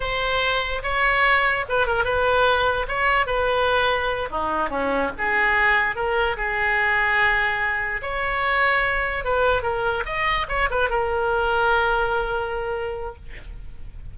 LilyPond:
\new Staff \with { instrumentName = "oboe" } { \time 4/4 \tempo 4 = 146 c''2 cis''2 | b'8 ais'8 b'2 cis''4 | b'2~ b'8 dis'4 cis'8~ | cis'8 gis'2 ais'4 gis'8~ |
gis'2.~ gis'8 cis''8~ | cis''2~ cis''8 b'4 ais'8~ | ais'8 dis''4 cis''8 b'8 ais'4.~ | ais'1 | }